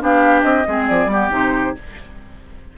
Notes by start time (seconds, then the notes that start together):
0.00 B3 D4 G4 F5
0.42 C4 D#5
0.67 G#3 C4 G#4
0.87 F3 D5
1.05 G3 B3
1.12 G4
1.30 C3 D#4 C5